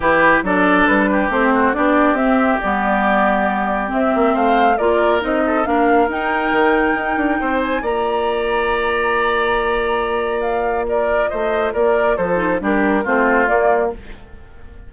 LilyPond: <<
  \new Staff \with { instrumentName = "flute" } { \time 4/4 \tempo 4 = 138 b'4 d''4 b'4 c''4 | d''4 e''4 d''2~ | d''4 e''4 f''4 d''4 | dis''4 f''4 g''2~ |
g''4. gis''8 ais''2~ | ais''1 | f''4 d''4 dis''4 d''4 | c''4 ais'4 c''4 d''4 | }
  \new Staff \with { instrumentName = "oboe" } { \time 4/4 g'4 a'4. g'4 fis'8 | g'1~ | g'2 c''4 ais'4~ | ais'8 a'8 ais'2.~ |
ais'4 c''4 d''2~ | d''1~ | d''4 ais'4 c''4 ais'4 | a'4 g'4 f'2 | }
  \new Staff \with { instrumentName = "clarinet" } { \time 4/4 e'4 d'2 c'4 | d'4 c'4 b2~ | b4 c'2 f'4 | dis'4 d'4 dis'2~ |
dis'2 f'2~ | f'1~ | f'1~ | f'8 dis'8 d'4 c'4 ais4 | }
  \new Staff \with { instrumentName = "bassoon" } { \time 4/4 e4 fis4 g4 a4 | b4 c'4 g2~ | g4 c'8 ais8 a4 ais4 | c'4 ais4 dis'4 dis4 |
dis'8 d'8 c'4 ais2~ | ais1~ | ais2 a4 ais4 | f4 g4 a4 ais4 | }
>>